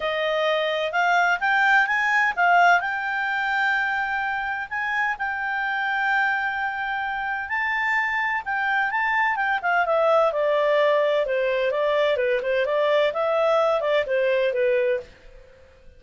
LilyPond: \new Staff \with { instrumentName = "clarinet" } { \time 4/4 \tempo 4 = 128 dis''2 f''4 g''4 | gis''4 f''4 g''2~ | g''2 gis''4 g''4~ | g''1 |
a''2 g''4 a''4 | g''8 f''8 e''4 d''2 | c''4 d''4 b'8 c''8 d''4 | e''4. d''8 c''4 b'4 | }